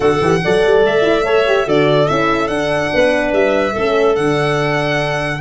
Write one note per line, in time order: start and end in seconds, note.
0.00 0.19 D3
0.00 0.21 F#4
0.00 0.37 A4
0.00 0.82 F#5
0.20 0.41 E3
0.20 0.43 G4
0.43 0.66 F#3
0.43 1.02 A4
0.43 1.24 D5
0.66 0.84 G3
0.84 1.66 A3
0.84 1.68 E5
1.02 1.22 E4
1.24 1.45 A4
1.24 1.66 C#5
1.46 1.66 G4
1.66 2.08 D3
1.66 2.07 F#4
1.66 2.91 A4
1.66 2.08 D5
2.08 2.48 C#4
2.08 2.48 E4
2.08 2.47 E5
2.47 2.89 D4
2.47 3.73 D4
2.47 3.31 F#5
2.93 3.32 B3
2.93 3.73 B4
3.32 3.74 G3
3.32 4.15 E5
3.73 4.17 A3
3.73 4.15 C#4
3.73 5.39 A4
4.15 5.40 D3
4.15 5.40 D4
4.15 5.40 F#5